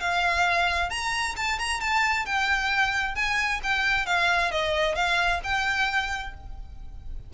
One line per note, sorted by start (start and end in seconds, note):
0.00 0.90 F5
0.90 1.35 A#5
1.36 1.59 A5
1.59 1.81 A#5
1.81 2.26 A5
2.26 3.15 G5
3.15 3.60 G#5
3.63 4.06 G5
4.06 4.51 F5
4.51 4.95 D#5
4.95 5.40 F5
5.43 6.34 G5